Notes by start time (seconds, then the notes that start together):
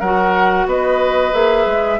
0.00 F#3 F#4 A#4 F#5
0.66 B3 B4 D#5
1.33 A#3 G#4 E5
1.66 G#3